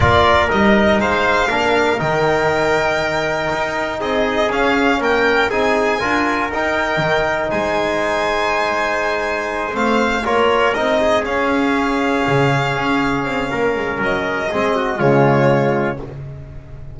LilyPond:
<<
  \new Staff \with { instrumentName = "violin" } { \time 4/4 \tempo 4 = 120 d''4 dis''4 f''2 | g''1 | dis''4 f''4 g''4 gis''4~ | gis''4 g''2 gis''4~ |
gis''2.~ gis''8 f''8~ | f''8 cis''4 dis''4 f''4.~ | f''1 | dis''2 cis''2 | }
  \new Staff \with { instrumentName = "trumpet" } { \time 4/4 ais'2 c''4 ais'4~ | ais'1 | gis'2 ais'4 gis'4 | ais'2. c''4~ |
c''1~ | c''8 ais'4. gis'2~ | gis'2. ais'4~ | ais'4 gis'8 fis'8 f'2 | }
  \new Staff \with { instrumentName = "trombone" } { \time 4/4 f'4 dis'2 d'4 | dis'1~ | dis'4 cis'2 dis'4 | f'4 dis'2.~ |
dis'2.~ dis'8 c'8~ | c'8 f'4 dis'4 cis'4.~ | cis'1~ | cis'4 c'4 gis2 | }
  \new Staff \with { instrumentName = "double bass" } { \time 4/4 ais4 g4 gis4 ais4 | dis2. dis'4 | c'4 cis'4 ais4 c'4 | d'4 dis'4 dis4 gis4~ |
gis2.~ gis8 a8~ | a8 ais4 c'4 cis'4.~ | cis'8 cis4 cis'4 c'8 ais8 gis8 | fis4 gis4 cis2 | }
>>